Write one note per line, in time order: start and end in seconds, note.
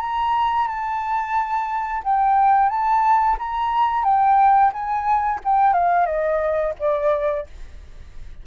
0.00 0.67 A#5
0.67 2.02 A5
2.04 2.69 G5
2.69 3.36 A5
3.39 4.04 A#5
4.04 4.71 G5
4.73 5.40 G#5
5.44 5.73 G5
5.73 6.06 F5
6.06 6.73 D#5
6.79 7.46 D5